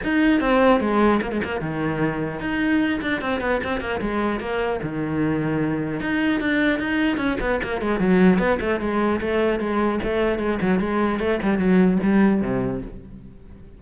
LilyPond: \new Staff \with { instrumentName = "cello" } { \time 4/4 \tempo 4 = 150 dis'4 c'4 gis4 ais16 gis16 ais8 | dis2 dis'4. d'8 | c'8 b8 c'8 ais8 gis4 ais4 | dis2. dis'4 |
d'4 dis'4 cis'8 b8 ais8 gis8 | fis4 b8 a8 gis4 a4 | gis4 a4 gis8 fis8 gis4 | a8 g8 fis4 g4 c4 | }